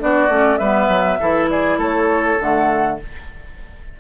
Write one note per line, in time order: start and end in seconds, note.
0.00 0.29 B3
0.00 0.30 D4
0.00 0.60 F#4
0.00 0.58 D5
0.29 0.59 A3
0.29 0.60 C#4
0.58 0.89 G3
0.58 1.21 B3
0.58 1.19 B4
0.58 1.47 E5
0.89 1.19 F#3
1.20 1.78 E3
1.20 2.39 E4
1.20 1.50 A4
1.50 1.79 G#4
1.50 1.80 D5
1.78 2.38 A3
1.78 2.97 A4
1.78 2.41 C#5
2.41 3.00 D3
2.41 3.00 A3
2.41 3.00 F#5